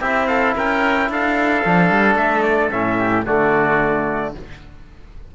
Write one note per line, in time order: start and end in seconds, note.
0.00 0.55 C4
0.00 1.64 E4
0.00 0.27 G4
0.00 0.28 E5
0.28 0.55 A4
0.28 0.55 F5
0.56 1.10 C#4
0.56 1.10 A#4
0.56 1.12 G5
1.10 1.64 D4
1.10 2.99 A4
1.10 2.17 F5
1.65 1.90 F3
1.65 2.72 D4
1.90 2.15 G3
2.15 2.69 A3
2.15 2.43 E5
2.43 2.70 D5
2.72 3.27 A2
2.72 3.26 C#4
2.72 3.26 E5
2.99 3.26 G4
3.26 4.35 D3
3.26 4.35 A3
3.26 4.34 F#4
3.26 4.35 D5